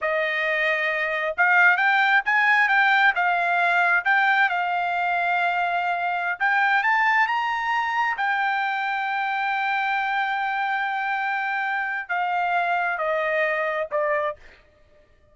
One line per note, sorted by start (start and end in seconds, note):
0.01 1.35 D#5
1.37 1.77 F5
1.77 2.21 G5
2.25 2.68 G#5
2.68 3.13 G5
3.15 4.04 F5
4.04 4.49 G5
4.49 6.39 F5
6.39 6.83 G5
6.83 7.27 A5
7.27 8.16 A#5
8.17 12.08 G5
12.08 12.98 F5
12.98 13.87 D#5
13.91 14.35 D5